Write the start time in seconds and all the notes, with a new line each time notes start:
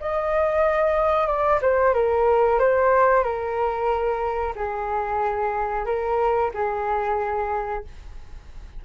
0.00 D#5
1.27 D5
1.62 C5
1.94 A#4
2.59 C5
3.23 A#4
4.55 G#4
5.85 A#4
6.54 G#4